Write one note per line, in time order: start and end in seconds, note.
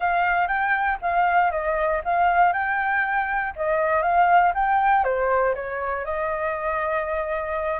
0.00 0.47 F5
0.47 0.97 G5
1.01 1.51 F5
1.51 2.01 D#5
2.04 2.52 F5
2.52 3.53 G5
3.55 4.02 D#5
4.02 4.52 F5
4.54 5.04 G5
5.04 5.54 C5
5.54 6.05 C#5
6.05 7.80 D#5